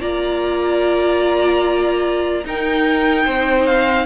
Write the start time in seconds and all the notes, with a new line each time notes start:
0.00 A#3 F4 D5 A#5
2.44 D#4 A#4 G5
3.25 C4 C5
3.66 F5